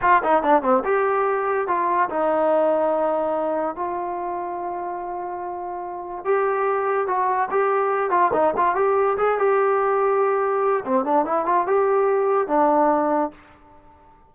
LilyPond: \new Staff \with { instrumentName = "trombone" } { \time 4/4 \tempo 4 = 144 f'8 dis'8 d'8 c'8 g'2 | f'4 dis'2.~ | dis'4 f'2.~ | f'2. g'4~ |
g'4 fis'4 g'4. f'8 | dis'8 f'8 g'4 gis'8 g'4.~ | g'2 c'8 d'8 e'8 f'8 | g'2 d'2 | }